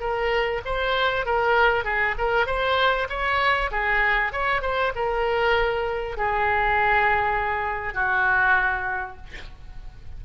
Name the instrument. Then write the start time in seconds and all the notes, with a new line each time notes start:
oboe
0.00 A#4
0.65 C5
1.26 A#4
1.85 G#4
2.18 A#4
2.46 C5
3.09 C#5
3.71 G#4
4.32 C#5
4.61 C5
4.95 A#4
6.17 G#4
7.94 F#4